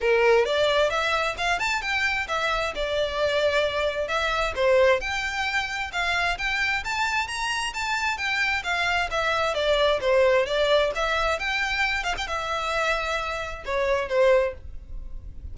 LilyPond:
\new Staff \with { instrumentName = "violin" } { \time 4/4 \tempo 4 = 132 ais'4 d''4 e''4 f''8 a''8 | g''4 e''4 d''2~ | d''4 e''4 c''4 g''4~ | g''4 f''4 g''4 a''4 |
ais''4 a''4 g''4 f''4 | e''4 d''4 c''4 d''4 | e''4 g''4. f''16 g''16 e''4~ | e''2 cis''4 c''4 | }